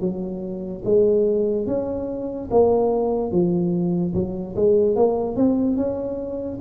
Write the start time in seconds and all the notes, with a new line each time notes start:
0.00 F#3
0.85 G#3
1.67 C#4
2.50 A#3
3.31 F3
4.14 F#3
4.56 G#3
4.96 A#3
5.36 C4
5.76 C#4